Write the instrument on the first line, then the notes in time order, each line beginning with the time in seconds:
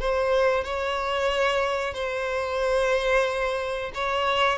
violin
0.00 C5
0.64 C#5
1.94 C5
3.94 C#5